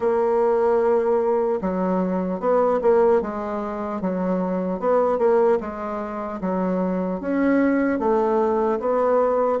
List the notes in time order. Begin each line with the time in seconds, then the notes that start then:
0.00 A#3
1.61 F#3
2.40 B3
2.81 A#3
3.21 G#3
4.01 F#3
4.79 B3
5.18 A#3
5.60 G#3
6.40 F#3
7.20 C#4
7.99 A3
8.79 B3